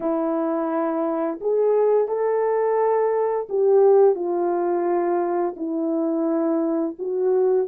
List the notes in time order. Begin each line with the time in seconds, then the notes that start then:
0.00 E4
1.40 G#4
2.08 A4
3.49 G4
4.15 F4
5.56 E4
6.98 F#4